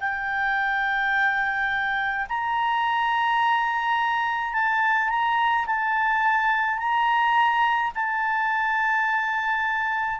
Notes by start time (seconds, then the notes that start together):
0.00 G5
2.28 A#5
4.53 A5
5.09 A#5
5.66 A5
6.78 A#5
7.95 A5